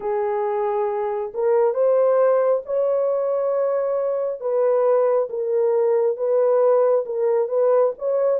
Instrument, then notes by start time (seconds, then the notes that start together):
horn
0.00 G#4
1.34 A#4
1.74 C5
2.65 C#5
4.40 B4
5.29 A#4
6.16 B4
7.05 A#4
7.48 B4
7.98 C#5